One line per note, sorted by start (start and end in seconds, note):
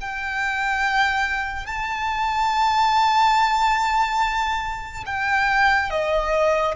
0.00 1.66 G5
1.66 5.04 A5
5.05 5.90 G5
5.90 6.74 D#5